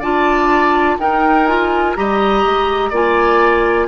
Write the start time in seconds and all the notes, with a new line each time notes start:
0.00 D4 F4 D5 A5
0.99 D#4 A#4 G5
1.47 F4 G#5
1.96 G3 G4 D#5 A#5
2.45 G#3
2.90 A#3 F4 D5 G#5